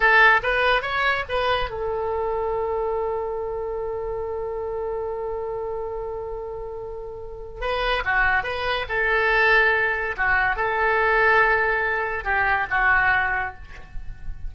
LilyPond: \new Staff \with { instrumentName = "oboe" } { \time 4/4 \tempo 4 = 142 a'4 b'4 cis''4 b'4 | a'1~ | a'1~ | a'1~ |
a'2 b'4 fis'4 | b'4 a'2. | fis'4 a'2.~ | a'4 g'4 fis'2 | }